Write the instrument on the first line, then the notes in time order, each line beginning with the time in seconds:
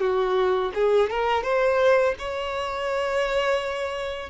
violin
0.00 F#4
0.74 G#4
1.09 A#4
1.43 C5
2.19 C#5